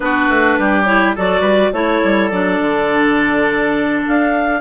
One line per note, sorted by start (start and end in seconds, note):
0.00 0.28 B3
0.00 0.86 D4
0.00 0.59 F#4
0.00 0.84 B4
0.28 0.57 A3
0.58 1.16 G3
0.58 1.15 G4
0.84 1.15 E4
0.84 1.13 C#5
1.15 1.40 F#3
1.15 1.73 F#4
1.15 1.40 A4
1.15 1.73 D5
1.40 1.69 G3
1.40 1.69 B4
1.72 2.01 A3
1.72 2.31 E4
1.72 4.60 A4
1.72 2.29 C#5
2.03 2.31 G3
2.29 2.60 F#3
2.29 4.60 D4
2.29 4.02 D5
2.60 4.04 D3
4.07 4.60 D4
4.07 4.60 F5